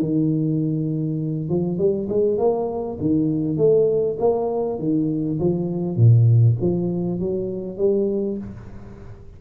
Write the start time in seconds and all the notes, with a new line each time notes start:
0.00 D#3
1.49 F3
1.79 G3
2.09 G#3
2.38 A#3
3.01 D#3
3.58 A3
4.20 A#3
4.79 D#3
5.40 F3
5.97 A#2
6.61 F3
7.20 F#3
7.78 G3